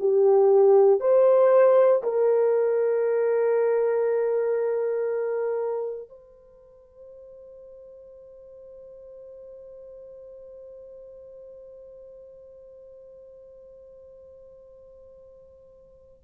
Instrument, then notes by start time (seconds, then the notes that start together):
horn
0.00 G4
1.00 C5
2.03 A#4
6.09 C5